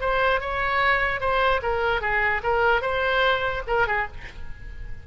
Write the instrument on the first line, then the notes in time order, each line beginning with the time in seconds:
oboe
0.00 C5
0.40 C#5
1.20 C5
1.62 A#4
2.01 G#4
2.43 A#4
2.81 C5
3.67 A#4
3.87 G#4